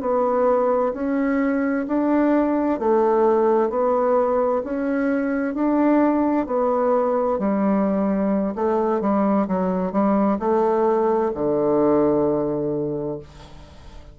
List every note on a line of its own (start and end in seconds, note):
0.00 0.92 B3
0.93 1.85 C#4
1.87 2.79 D4
2.79 3.69 A3
3.69 4.62 B3
4.64 5.54 C#4
5.54 6.46 D4
6.46 7.38 B3
7.38 8.54 G3
8.55 9.00 A3
9.00 9.47 G3
9.47 9.91 F#3
9.91 10.38 G3
10.39 11.31 A3
11.34 13.18 D3